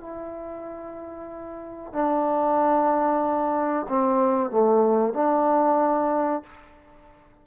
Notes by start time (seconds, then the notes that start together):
0.00 E4
1.92 D4
3.89 C4
4.50 A3
5.13 D4